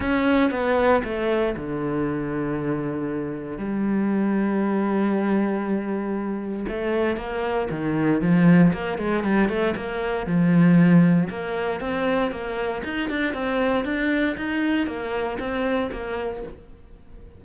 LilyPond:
\new Staff \with { instrumentName = "cello" } { \time 4/4 \tempo 4 = 117 cis'4 b4 a4 d4~ | d2. g4~ | g1~ | g4 a4 ais4 dis4 |
f4 ais8 gis8 g8 a8 ais4 | f2 ais4 c'4 | ais4 dis'8 d'8 c'4 d'4 | dis'4 ais4 c'4 ais4 | }